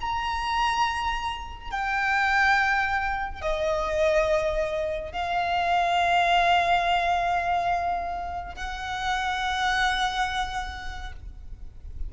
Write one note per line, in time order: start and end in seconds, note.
0.00 1.71 A#5
1.71 3.41 G5
3.41 5.12 D#5
5.12 8.55 F5
8.55 11.12 F#5